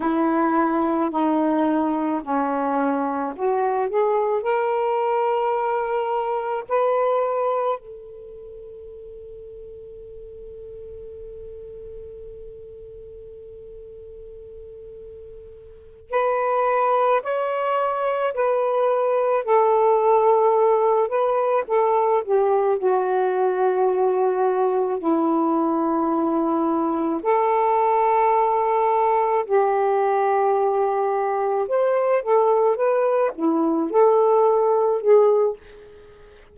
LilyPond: \new Staff \with { instrumentName = "saxophone" } { \time 4/4 \tempo 4 = 54 e'4 dis'4 cis'4 fis'8 gis'8 | ais'2 b'4 a'4~ | a'1~ | a'2~ a'8 b'4 cis''8~ |
cis''8 b'4 a'4. b'8 a'8 | g'8 fis'2 e'4.~ | e'8 a'2 g'4.~ | g'8 c''8 a'8 b'8 e'8 a'4 gis'8 | }